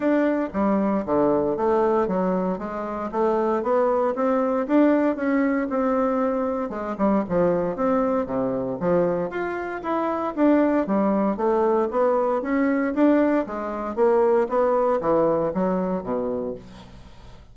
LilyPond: \new Staff \with { instrumentName = "bassoon" } { \time 4/4 \tempo 4 = 116 d'4 g4 d4 a4 | fis4 gis4 a4 b4 | c'4 d'4 cis'4 c'4~ | c'4 gis8 g8 f4 c'4 |
c4 f4 f'4 e'4 | d'4 g4 a4 b4 | cis'4 d'4 gis4 ais4 | b4 e4 fis4 b,4 | }